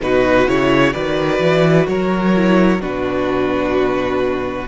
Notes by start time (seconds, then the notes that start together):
0.02 B2 D#4 F#4 B4
0.46 C#3 E4 C#5
0.92 D#3 F#4 B4 D5
1.40 E3
1.88 F#3 A#4 C#5
2.35 E4
2.80 B2 D4 F#4 B4